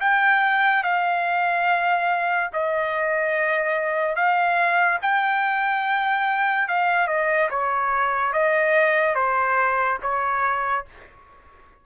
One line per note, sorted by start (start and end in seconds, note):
0.00 0.83 G5
0.83 2.50 F5
2.53 4.16 D#5
4.16 4.99 F5
5.02 6.68 G5
6.68 7.07 F5
7.07 7.49 D#5
7.50 8.33 C#5
8.33 9.15 D#5
9.15 9.98 C5
10.02 10.85 C#5